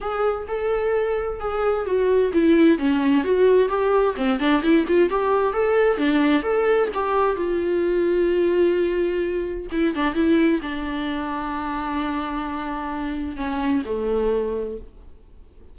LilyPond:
\new Staff \with { instrumentName = "viola" } { \time 4/4 \tempo 4 = 130 gis'4 a'2 gis'4 | fis'4 e'4 cis'4 fis'4 | g'4 c'8 d'8 e'8 f'8 g'4 | a'4 d'4 a'4 g'4 |
f'1~ | f'4 e'8 d'8 e'4 d'4~ | d'1~ | d'4 cis'4 a2 | }